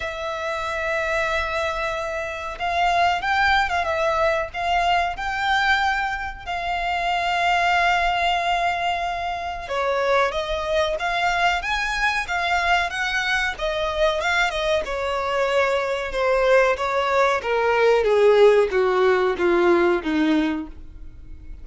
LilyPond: \new Staff \with { instrumentName = "violin" } { \time 4/4 \tempo 4 = 93 e''1 | f''4 g''8. f''16 e''4 f''4 | g''2 f''2~ | f''2. cis''4 |
dis''4 f''4 gis''4 f''4 | fis''4 dis''4 f''8 dis''8 cis''4~ | cis''4 c''4 cis''4 ais'4 | gis'4 fis'4 f'4 dis'4 | }